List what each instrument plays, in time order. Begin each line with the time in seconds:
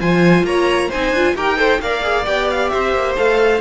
0.00 cello F3, viola F4, violin C5 G#5
0.43 cello A#3, violin C#5 A#5
0.89 cello C4, viola D#4, violin C5 G#5
1.11 cello D4, viola F4
1.35 cello D#4, viola G4, violin A#4 G5
1.57 viola A4, violin C5
1.81 cello A#3, viola A#4, violin D5 F5
2.02 viola G#4
2.25 cello B3, viola G4, violin G5
2.50 violin F5
2.69 cello C4, violin C5 E5
2.92 cello A#3
3.16 cello A3, viola A4, violin F5